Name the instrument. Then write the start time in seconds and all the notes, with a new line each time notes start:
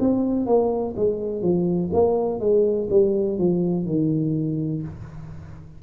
tuba
0.00 C4
0.47 A#3
0.96 G#3
1.42 F3
1.93 A#3
2.40 G#3
2.90 G3
3.38 F3
3.86 D#3